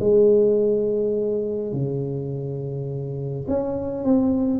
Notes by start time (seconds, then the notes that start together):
0.00 G#3
1.73 C#3
3.48 C#4
4.04 C4